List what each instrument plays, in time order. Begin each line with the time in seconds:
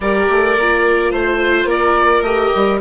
0.00 bassoon G3, viola G4, violin A#4, oboe D5
0.29 bassoon A3
0.57 bassoon A#3, viola F4
1.10 bassoon A3, violin C5, oboe C5
1.64 bassoon A#3, violin A#4, oboe D5
2.21 bassoon A3, viola G4, oboe D#5
2.55 bassoon G3